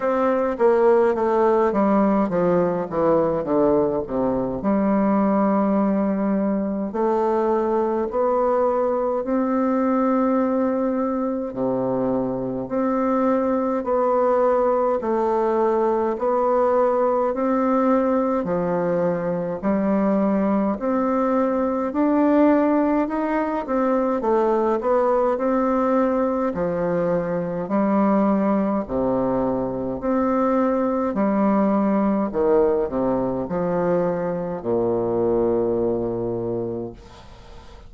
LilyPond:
\new Staff \with { instrumentName = "bassoon" } { \time 4/4 \tempo 4 = 52 c'8 ais8 a8 g8 f8 e8 d8 c8 | g2 a4 b4 | c'2 c4 c'4 | b4 a4 b4 c'4 |
f4 g4 c'4 d'4 | dis'8 c'8 a8 b8 c'4 f4 | g4 c4 c'4 g4 | dis8 c8 f4 ais,2 | }